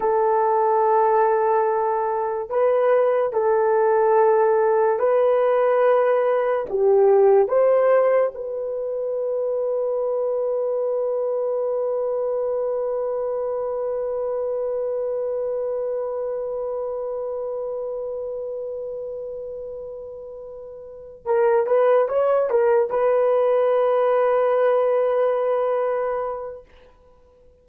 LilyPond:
\new Staff \with { instrumentName = "horn" } { \time 4/4 \tempo 4 = 72 a'2. b'4 | a'2 b'2 | g'4 c''4 b'2~ | b'1~ |
b'1~ | b'1~ | b'4. ais'8 b'8 cis''8 ais'8 b'8~ | b'1 | }